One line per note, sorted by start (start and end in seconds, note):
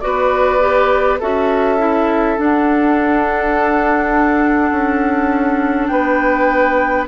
0.00 1.21 B3
0.00 0.60 F#4
0.00 1.20 B4
0.00 1.18 D5
0.61 1.19 G4
1.20 2.38 C#4
1.20 1.79 F#4
1.20 5.90 A4
1.20 2.39 E5
1.79 2.37 E4
2.37 7.08 D4
2.37 4.72 D4
2.37 5.87 F#5
4.72 5.89 C#4
5.87 7.08 B3
5.87 7.08 B4
5.87 7.05 G5